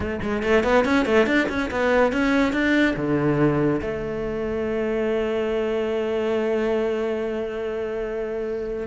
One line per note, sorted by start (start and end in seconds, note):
0.00 0.19 A3
0.22 0.42 G#3
0.42 0.63 A3
0.63 0.84 B3
0.85 1.05 C#4
1.05 1.26 A3
1.26 1.47 D4
1.48 1.69 C#4
1.71 2.12 B3
2.12 2.52 C#4
2.52 2.94 D4
2.96 3.80 D3
3.81 8.87 A3